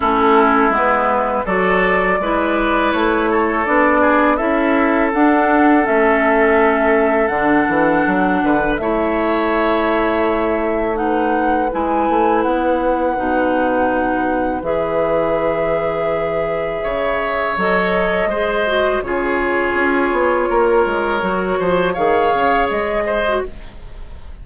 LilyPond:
<<
  \new Staff \with { instrumentName = "flute" } { \time 4/4 \tempo 4 = 82 a'4 b'4 d''2 | cis''4 d''4 e''4 fis''4 | e''2 fis''2 | e''2. fis''4 |
gis''4 fis''2. | e''1 | dis''2 cis''2~ | cis''2 f''4 dis''4 | }
  \new Staff \with { instrumentName = "oboe" } { \time 4/4 e'2 a'4 b'4~ | b'8 a'4 gis'8 a'2~ | a'2.~ a'8 b'8 | cis''2. b'4~ |
b'1~ | b'2. cis''4~ | cis''4 c''4 gis'2 | ais'4. c''8 cis''4. c''8 | }
  \new Staff \with { instrumentName = "clarinet" } { \time 4/4 cis'4 b4 fis'4 e'4~ | e'4 d'4 e'4 d'4 | cis'2 d'2 | e'2. dis'4 |
e'2 dis'2 | gis'1 | a'4 gis'8 fis'8 f'2~ | f'4 fis'4 gis'4.~ gis'16 fis'16 | }
  \new Staff \with { instrumentName = "bassoon" } { \time 4/4 a4 gis4 fis4 gis4 | a4 b4 cis'4 d'4 | a2 d8 e8 fis8 d8 | a1 |
gis8 a8 b4 b,2 | e2. cis4 | fis4 gis4 cis4 cis'8 b8 | ais8 gis8 fis8 f8 dis8 cis8 gis4 | }
>>